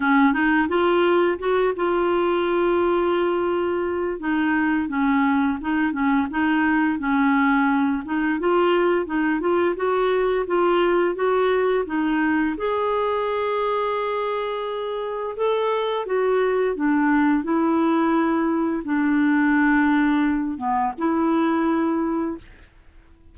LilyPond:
\new Staff \with { instrumentName = "clarinet" } { \time 4/4 \tempo 4 = 86 cis'8 dis'8 f'4 fis'8 f'4.~ | f'2 dis'4 cis'4 | dis'8 cis'8 dis'4 cis'4. dis'8 | f'4 dis'8 f'8 fis'4 f'4 |
fis'4 dis'4 gis'2~ | gis'2 a'4 fis'4 | d'4 e'2 d'4~ | d'4. b8 e'2 | }